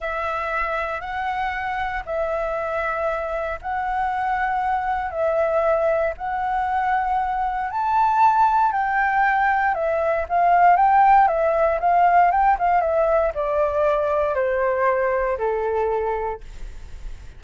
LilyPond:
\new Staff \with { instrumentName = "flute" } { \time 4/4 \tempo 4 = 117 e''2 fis''2 | e''2. fis''4~ | fis''2 e''2 | fis''2. a''4~ |
a''4 g''2 e''4 | f''4 g''4 e''4 f''4 | g''8 f''8 e''4 d''2 | c''2 a'2 | }